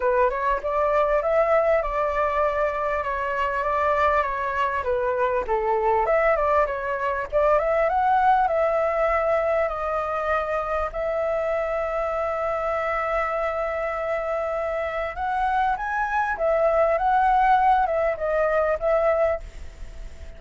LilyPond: \new Staff \with { instrumentName = "flute" } { \time 4/4 \tempo 4 = 99 b'8 cis''8 d''4 e''4 d''4~ | d''4 cis''4 d''4 cis''4 | b'4 a'4 e''8 d''8 cis''4 | d''8 e''8 fis''4 e''2 |
dis''2 e''2~ | e''1~ | e''4 fis''4 gis''4 e''4 | fis''4. e''8 dis''4 e''4 | }